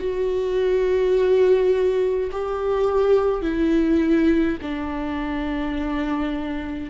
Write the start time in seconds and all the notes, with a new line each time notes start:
0.00 F#4
2.32 G4
3.42 E4
4.62 D4